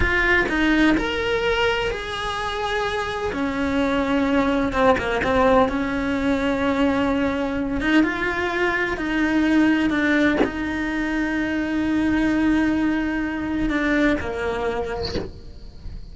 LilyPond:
\new Staff \with { instrumentName = "cello" } { \time 4/4 \tempo 4 = 127 f'4 dis'4 ais'2 | gis'2. cis'4~ | cis'2 c'8 ais8 c'4 | cis'1~ |
cis'8 dis'8 f'2 dis'4~ | dis'4 d'4 dis'2~ | dis'1~ | dis'4 d'4 ais2 | }